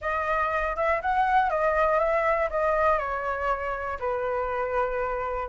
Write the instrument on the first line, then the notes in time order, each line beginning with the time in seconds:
flute
0.01 D#5
0.76 E5
1.01 F#5
1.50 D#5
1.99 E5
2.50 D#5
2.98 C#5
3.99 B4